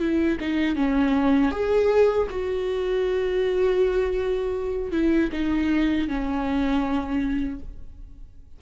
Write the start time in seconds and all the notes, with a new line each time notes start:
0.00 E4
0.40 D#4
0.76 C#4
1.52 G#4
2.30 F#4
4.92 E4
5.32 D#4
6.08 C#4